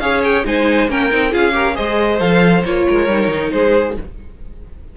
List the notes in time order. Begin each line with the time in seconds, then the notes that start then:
0.00 C#4 G#4 C#5 F5
0.24 G5
0.45 G#3 D#4 C5 G#5
0.89 A#3 C#4 A#4 G5
1.11 C4 D#4
1.31 C#4 F4 G#4 F5
1.52 G4 A#4
1.74 G#3 G#4 C5 D#5
2.20 F3 A4 F5
2.65 A#3 F4 C#5
2.88 G#3 A#4
3.08 G3 D#4
3.28 D#3
3.51 G#3 G#4 C5